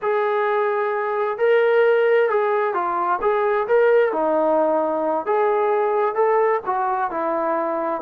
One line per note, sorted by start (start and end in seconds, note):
0.02 1.38 G#4
1.38 2.29 A#4
2.29 2.74 G#4
2.74 3.19 F4
3.21 3.67 G#4
3.67 4.12 A#4
4.12 5.25 D#4
5.25 6.14 G#4
6.14 6.60 A4
6.66 7.10 F#4
7.10 8.01 E4